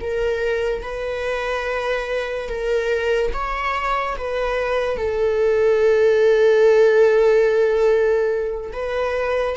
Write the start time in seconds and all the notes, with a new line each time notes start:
0.00 A#4
0.82 B4
2.49 A#4
3.33 C#5
4.17 B4
4.97 A4
8.72 B4